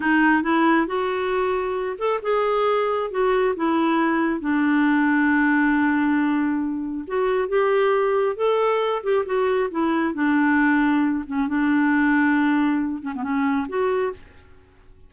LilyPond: \new Staff \with { instrumentName = "clarinet" } { \time 4/4 \tempo 4 = 136 dis'4 e'4 fis'2~ | fis'8 a'8 gis'2 fis'4 | e'2 d'2~ | d'1 |
fis'4 g'2 a'4~ | a'8 g'8 fis'4 e'4 d'4~ | d'4. cis'8 d'2~ | d'4. cis'16 b16 cis'4 fis'4 | }